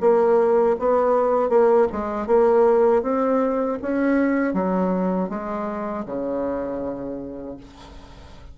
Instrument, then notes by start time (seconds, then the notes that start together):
bassoon
0.00 A#3
0.79 B3
1.49 A#3
1.92 G#3
2.26 A#3
3.02 C4
3.82 C#4
4.53 F#3
5.29 G#3
6.05 C#3